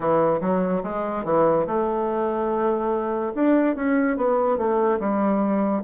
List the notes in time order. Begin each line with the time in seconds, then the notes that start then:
0.00 E3
0.41 F#3
0.83 G#3
1.24 E3
1.66 A3
3.34 D4
3.75 C#4
4.16 B3
4.57 A3
4.99 G3